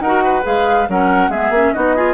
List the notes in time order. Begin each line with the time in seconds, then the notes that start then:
0.00 D#4 A#4 F#5
0.06 F#4
0.24 B4
0.43 G#3 G#4 F5
0.88 F#3 C#4 A#4 F#5
1.28 G#3 B3 G#4 E5
1.50 A#3 C#4
1.74 B3 D#4 F#4 D#5
1.96 F4 G#4